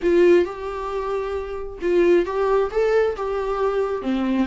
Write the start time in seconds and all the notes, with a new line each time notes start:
0.02 F4
0.44 G4
1.81 F4
2.25 G4
2.71 A4
3.16 G4
4.02 C4